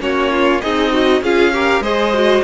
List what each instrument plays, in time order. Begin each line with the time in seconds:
0.00 cello A#3, viola C#4, violin F#4 C#5
0.32 violin F4
0.61 cello C4, violin D#4 D#5, viola G#4
0.92 viola F#4
1.22 cello C#4, viola F4, violin G#4 F5
1.53 viola G4, violin A#4
1.81 cello G#3, viola G#4, violin C5 D#5
2.14 viola F#4